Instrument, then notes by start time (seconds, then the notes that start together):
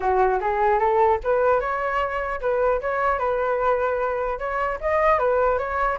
flute
0.00 F#4
0.40 G#4
0.79 A4
1.23 B4
1.60 C#5
2.41 B4
2.81 C#5
3.19 B4
4.39 C#5
4.80 D#5
5.18 B4
5.58 C#5